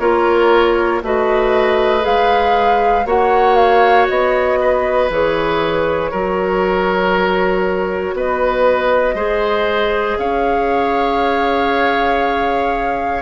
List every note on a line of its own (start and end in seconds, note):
0.00 1.02 A#3
0.00 1.03 F4
0.00 1.03 A#4
0.00 1.02 C#5
1.03 2.05 A3
1.03 2.01 F#4
1.03 3.07 B4
1.03 2.06 D#5
2.01 3.06 G#3
2.01 3.03 G#4
2.01 3.07 F5
3.06 4.08 A#3
3.06 5.10 F#4
3.06 4.59 C#5
3.06 3.56 F#5
3.56 4.07 F5
4.09 5.10 B3
4.09 5.10 D#5
4.61 6.12 B4
5.10 6.12 E3
5.10 6.12 G#4
5.10 8.17 C#5
6.12 8.14 F#3
6.12 9.17 F#4
6.12 8.15 A#4
8.14 9.15 B3
8.14 9.16 B4
8.14 10.19 D#5
9.15 10.16 G#3
9.15 13.22 G#4
9.15 10.17 C5
10.19 13.22 C#4
10.19 13.22 C#5
10.19 13.22 F5